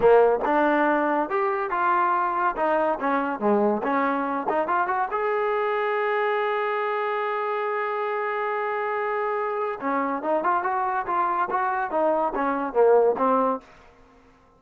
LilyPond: \new Staff \with { instrumentName = "trombone" } { \time 4/4 \tempo 4 = 141 ais4 d'2 g'4 | f'2 dis'4 cis'4 | gis4 cis'4. dis'8 f'8 fis'8 | gis'1~ |
gis'1~ | gis'2. cis'4 | dis'8 f'8 fis'4 f'4 fis'4 | dis'4 cis'4 ais4 c'4 | }